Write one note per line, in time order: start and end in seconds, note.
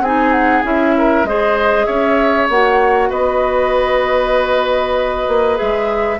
0.00 0.62 C4
0.00 0.63 D#4
0.00 0.95 G#4
0.00 0.32 G#5
0.32 0.63 F#5
0.63 1.24 C#4
0.63 1.25 E4
0.63 1.26 E5
0.98 1.28 A#4
1.24 1.86 G#3
1.24 2.50 G#4
1.24 1.86 C5
1.24 1.85 D#5
1.85 2.49 C#4
1.85 3.09 C#5
1.85 2.47 E5
2.49 3.10 A#3
2.49 5.56 F#4
2.49 3.11 F#5
3.09 5.27 B3
3.09 6.19 B4
3.09 5.58 D#5
5.28 5.59 A#3
5.56 6.19 G#3
5.56 6.17 G#4
5.56 6.19 E5